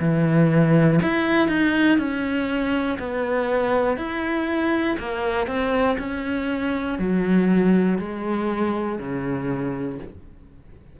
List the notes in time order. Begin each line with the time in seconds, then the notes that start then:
0.00 E3
1.02 E4
1.48 D#4
1.99 C#4
2.99 B3
3.97 E4
5.00 A#3
5.47 C4
5.99 C#4
6.99 F#3
7.99 G#3
8.99 C#3